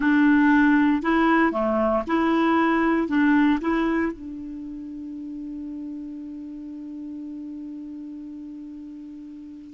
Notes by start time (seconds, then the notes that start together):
0.00 D4
1.02 E4
1.52 A3
2.07 E4
3.08 D4
3.61 E4
4.12 D4